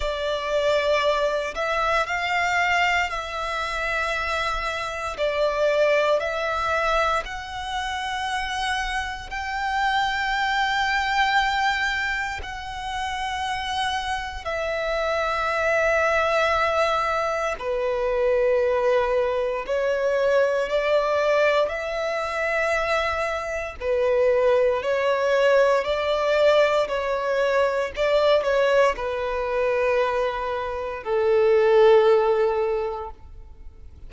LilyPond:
\new Staff \with { instrumentName = "violin" } { \time 4/4 \tempo 4 = 58 d''4. e''8 f''4 e''4~ | e''4 d''4 e''4 fis''4~ | fis''4 g''2. | fis''2 e''2~ |
e''4 b'2 cis''4 | d''4 e''2 b'4 | cis''4 d''4 cis''4 d''8 cis''8 | b'2 a'2 | }